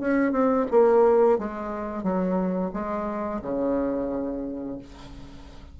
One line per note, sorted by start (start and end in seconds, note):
0.00 0.32 C#4
0.32 0.66 C4
0.71 1.39 A#3
1.39 2.04 G#3
2.04 2.72 F#3
2.73 3.42 G#3
3.42 4.79 C#3